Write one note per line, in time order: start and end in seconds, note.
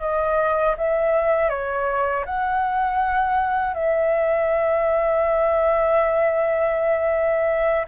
0.00 0.75 D#5
0.77 1.49 E5
1.49 2.24 C#5
2.25 3.73 F#5
3.73 7.86 E5